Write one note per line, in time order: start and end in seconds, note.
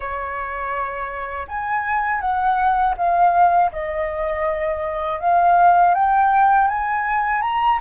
0.00 1.46 C#5
1.48 2.21 G#5
2.21 2.95 F#5
2.97 3.71 F5
3.72 5.20 D#5
5.20 5.94 F5
5.94 6.67 G5
6.67 7.41 G#5
7.41 7.78 A#5